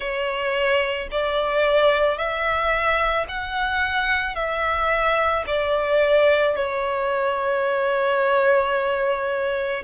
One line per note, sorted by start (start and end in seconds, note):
0.00 1.08 C#5
1.11 2.17 D5
2.17 3.26 E5
3.28 4.35 F#5
4.35 5.44 E5
5.46 6.56 D5
6.56 9.83 C#5